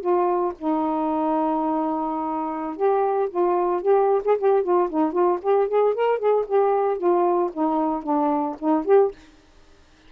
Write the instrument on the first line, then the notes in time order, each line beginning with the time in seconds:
saxophone
0.00 F4
0.58 D#4
2.76 G4
3.30 F4
3.82 G4
4.24 G#4
4.38 G4
4.63 F4
4.89 D#4
5.12 F4
5.42 G4
5.68 G#4
5.94 A#4
6.18 G#4
6.46 G4
6.97 F4
7.52 D#4
8.03 D4
8.59 D#4
8.85 G4